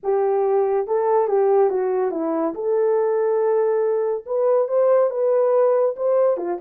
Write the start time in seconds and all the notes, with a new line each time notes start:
0.03 G4
0.87 A4
1.27 G4
1.69 F#4
2.11 E4
2.54 A4
4.26 B4
4.68 C5
5.10 B4
5.96 C5
6.37 F4